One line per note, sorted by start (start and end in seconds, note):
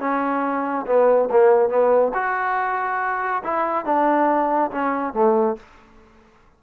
0.00 0.86 C#4
0.87 1.30 B3
1.31 1.69 A#3
1.69 2.12 B3
2.14 3.43 F#4
3.44 3.86 E4
3.86 4.71 D4
4.72 5.14 C#4
5.14 5.57 A3